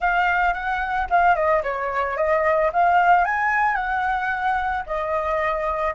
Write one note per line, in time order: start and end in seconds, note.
0.00 0.53 F5
0.53 1.07 F#5
1.10 1.35 F5
1.35 1.62 D#5
1.63 2.17 C#5
2.17 2.71 D#5
2.72 3.24 F5
3.24 3.75 G#5
3.75 4.83 F#5
4.86 5.94 D#5